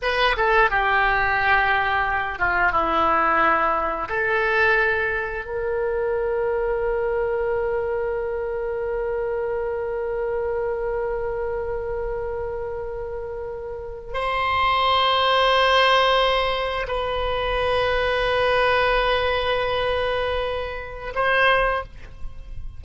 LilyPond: \new Staff \with { instrumentName = "oboe" } { \time 4/4 \tempo 4 = 88 b'8 a'8 g'2~ g'8 f'8 | e'2 a'2 | ais'1~ | ais'1~ |
ais'1~ | ais'8. c''2.~ c''16~ | c''8. b'2.~ b'16~ | b'2. c''4 | }